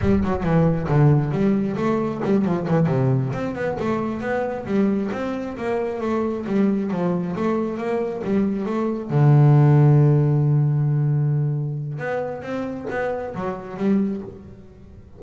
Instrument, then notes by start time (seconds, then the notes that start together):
double bass
0.01 G3
0.24 F#3
0.43 E3
0.88 D3
1.31 G3
1.77 A3
2.23 G3
2.44 F3
2.67 E3
2.86 C3
3.33 C4
3.55 B3
3.79 A3
4.20 B3
4.65 G3
5.12 C4
5.57 A#3
6.01 A3
6.46 G3
6.91 F3
7.35 A3
7.77 A#3
8.24 G3
8.65 A3
9.10 D3
11.98 B3
12.42 C4
12.89 B3
13.34 F#3
13.77 G3